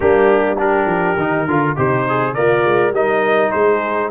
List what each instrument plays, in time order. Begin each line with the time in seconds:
0.00 tuba G3, trombone A#3, horn D4, trumpet G4
0.58 trombone D4, horn G4, trumpet A#4
0.86 tuba F3
1.17 tuba D#3, trombone D#4
1.46 tuba D3, horn F4, trombone F4
1.75 tuba C3, horn D#4, trombone G4, trumpet C5
2.08 trombone G#4
2.33 tuba A#3, horn F4, trombone A#4, trumpet D5
2.64 tuba G#3
2.91 tuba G3, trombone D#4, horn A#4, trumpet D#5
3.51 tuba G#3, horn G#4, trumpet C5